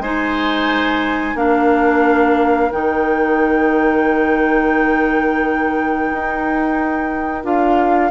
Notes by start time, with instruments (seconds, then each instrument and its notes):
0.00 bassoon G#3, clarinet D#4, oboe C5, flute G#5
1.35 bassoon A#3, clarinet D4, oboe A#4, flute F5
2.71 bassoon D#3, clarinet D#4, flute G5
6.13 bassoon D#4
7.43 bassoon D4, clarinet F4, flute F5